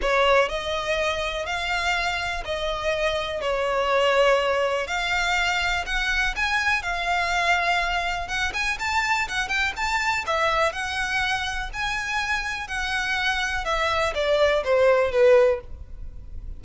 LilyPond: \new Staff \with { instrumentName = "violin" } { \time 4/4 \tempo 4 = 123 cis''4 dis''2 f''4~ | f''4 dis''2 cis''4~ | cis''2 f''2 | fis''4 gis''4 f''2~ |
f''4 fis''8 gis''8 a''4 fis''8 g''8 | a''4 e''4 fis''2 | gis''2 fis''2 | e''4 d''4 c''4 b'4 | }